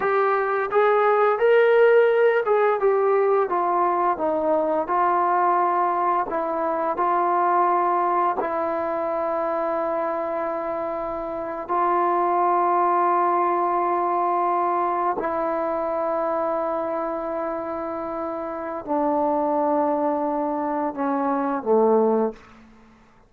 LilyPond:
\new Staff \with { instrumentName = "trombone" } { \time 4/4 \tempo 4 = 86 g'4 gis'4 ais'4. gis'8 | g'4 f'4 dis'4 f'4~ | f'4 e'4 f'2 | e'1~ |
e'8. f'2.~ f'16~ | f'4.~ f'16 e'2~ e'16~ | e'2. d'4~ | d'2 cis'4 a4 | }